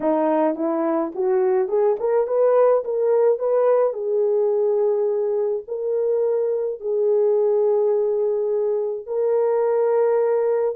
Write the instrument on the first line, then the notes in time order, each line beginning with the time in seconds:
horn
0.00 D#4
0.55 E4
1.14 F#4
1.68 G#4
1.99 A#4
2.27 B4
2.84 A#4
3.38 B4
3.93 G#4
5.67 A#4
6.80 G#4
9.06 A#4